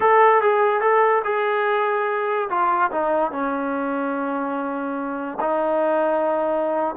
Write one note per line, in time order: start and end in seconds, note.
0.00 0.41 A4
0.41 0.81 G#4
0.81 1.22 A4
1.24 2.48 G#4
2.49 2.91 F4
2.91 3.31 D#4
3.31 5.38 C#4
5.40 6.95 D#4